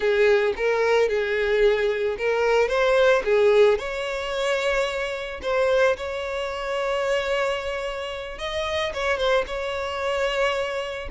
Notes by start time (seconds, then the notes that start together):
0.00 G#4
0.56 A#4
1.08 G#4
2.18 A#4
2.68 C5
3.24 G#4
3.78 C#5
5.42 C5
5.96 C#5
8.38 D#5
8.93 C#5
9.17 C5
9.46 C#5